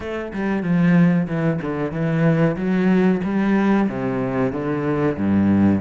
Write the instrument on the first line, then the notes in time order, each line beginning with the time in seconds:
cello
0.00 A3
0.33 G3
0.62 F3
1.27 E3
1.61 D3
1.91 E3
2.56 F#3
3.24 G3
3.89 C3
4.52 D3
5.17 G2